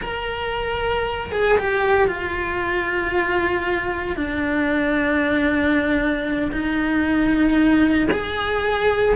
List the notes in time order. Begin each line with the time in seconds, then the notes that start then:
0.01 A#4
1.32 G#4
1.58 G4
2.07 F4
4.16 D4
6.51 D#4
8.11 G#4